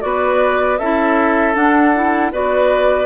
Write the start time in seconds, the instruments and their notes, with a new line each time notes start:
0.00 bassoon B3, clarinet F#4, oboe B4, flute D5
0.78 bassoon C#4, clarinet E4, oboe A4, flute E5
1.54 clarinet D4, bassoon D4, flute F#5
1.95 clarinet E4
2.32 bassoon B3, clarinet F#4, oboe B4, flute D5